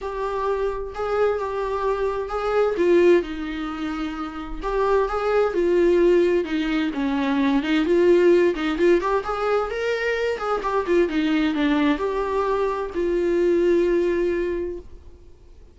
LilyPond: \new Staff \with { instrumentName = "viola" } { \time 4/4 \tempo 4 = 130 g'2 gis'4 g'4~ | g'4 gis'4 f'4 dis'4~ | dis'2 g'4 gis'4 | f'2 dis'4 cis'4~ |
cis'8 dis'8 f'4. dis'8 f'8 g'8 | gis'4 ais'4. gis'8 g'8 f'8 | dis'4 d'4 g'2 | f'1 | }